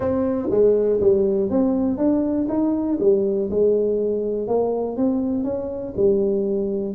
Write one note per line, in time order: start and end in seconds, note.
0.00 0.48 C4
0.50 1.00 G#3
1.00 1.49 G3
1.50 1.97 C4
1.97 2.47 D4
2.48 2.98 D#4
3.00 3.49 G3
3.50 4.47 G#3
4.47 4.97 A#3
4.97 5.44 C4
5.44 5.93 C#4
5.96 6.94 G3